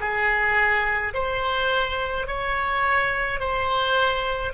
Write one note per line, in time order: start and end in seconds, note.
0.00 1.13 G#4
1.14 2.27 C5
2.27 3.40 C#5
3.40 4.53 C5